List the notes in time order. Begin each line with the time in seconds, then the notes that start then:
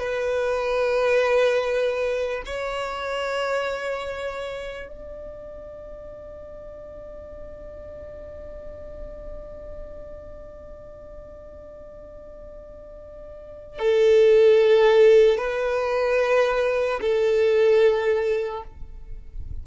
0.00 B4
2.46 C#5
4.88 D5
13.79 A4
15.38 B4
17.01 A4